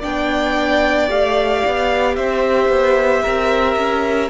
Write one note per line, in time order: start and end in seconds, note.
0.00 1.09 B3
0.00 1.09 D4
0.00 2.14 D5
0.00 1.09 G5
1.09 1.63 A3
1.09 4.30 G4
1.09 2.16 F5
1.66 2.17 B3
2.16 2.69 C4
2.16 3.23 C5
2.16 4.30 E5
2.69 3.22 B3
3.23 3.76 C4
3.23 4.30 A#4
3.76 4.30 C#4